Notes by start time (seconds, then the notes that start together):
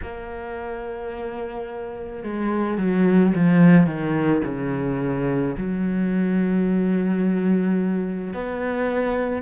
0.02 A#3
2.23 G#3
2.77 F#3
3.34 F3
3.86 D#3
4.44 C#3
5.57 F#3
8.33 B3